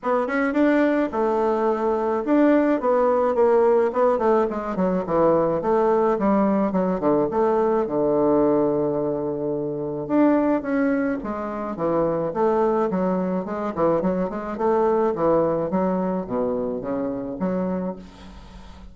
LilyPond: \new Staff \with { instrumentName = "bassoon" } { \time 4/4 \tempo 4 = 107 b8 cis'8 d'4 a2 | d'4 b4 ais4 b8 a8 | gis8 fis8 e4 a4 g4 | fis8 d8 a4 d2~ |
d2 d'4 cis'4 | gis4 e4 a4 fis4 | gis8 e8 fis8 gis8 a4 e4 | fis4 b,4 cis4 fis4 | }